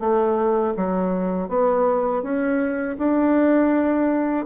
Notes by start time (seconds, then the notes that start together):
0.00 A3
0.77 F#3
1.49 B3
2.23 C#4
2.98 D4